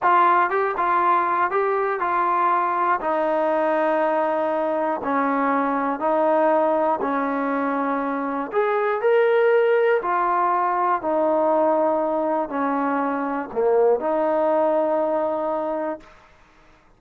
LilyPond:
\new Staff \with { instrumentName = "trombone" } { \time 4/4 \tempo 4 = 120 f'4 g'8 f'4. g'4 | f'2 dis'2~ | dis'2 cis'2 | dis'2 cis'2~ |
cis'4 gis'4 ais'2 | f'2 dis'2~ | dis'4 cis'2 ais4 | dis'1 | }